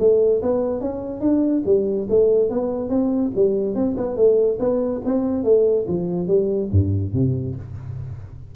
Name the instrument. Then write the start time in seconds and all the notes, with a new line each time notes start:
tuba
0.00 A3
0.43 B3
0.81 C#4
1.21 D4
1.66 G3
2.10 A3
2.50 B3
2.90 C4
3.36 G3
3.75 C4
3.97 B3
4.17 A3
4.60 B3
5.06 C4
5.44 A3
5.88 F3
6.28 G3
6.72 G2
7.14 C3